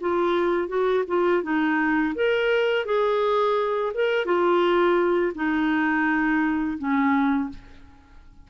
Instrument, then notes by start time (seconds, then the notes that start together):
clarinet
0.00 F4
0.68 F#4
1.07 F4
1.43 D#4
2.15 A#4
2.85 G#4
3.94 A#4
4.25 F4
5.35 D#4
6.78 C#4